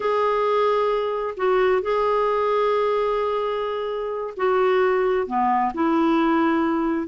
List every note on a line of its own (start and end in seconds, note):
0.00 1.34 G#4
1.36 1.82 F#4
1.82 4.34 G#4
4.37 5.26 F#4
5.26 5.72 B3
5.74 7.07 E4